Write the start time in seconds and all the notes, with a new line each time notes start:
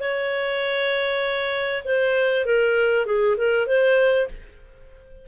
0.00 C#5
1.85 C5
2.45 A#4
3.06 G#4
3.37 A#4
3.67 C5